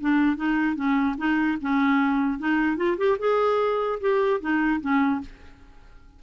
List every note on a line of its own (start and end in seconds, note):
0.00 0.36 D4
0.36 0.75 D#4
0.75 1.15 C#4
1.17 1.58 D#4
1.61 2.38 C#4
2.38 2.76 D#4
2.76 2.96 F4
2.97 3.17 G4
3.18 3.99 G#4
4.00 4.40 G4
4.40 4.80 D#4
4.80 5.21 C#4